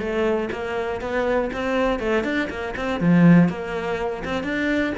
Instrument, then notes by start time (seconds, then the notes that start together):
cello
0.00 A3
0.52 A#3
1.01 B3
1.53 C4
2.00 A3
2.24 D4
2.50 A#3
2.77 C4
3.00 F3
3.49 A#3
4.25 C4
4.44 D4